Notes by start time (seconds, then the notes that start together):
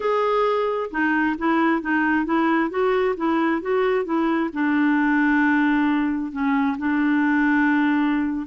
0.00 G#4
0.90 D#4
1.37 E4
1.81 D#4
2.25 E4
2.70 F#4
3.17 E4
3.61 F#4
4.04 E4
4.53 D4
6.32 C#4
6.78 D4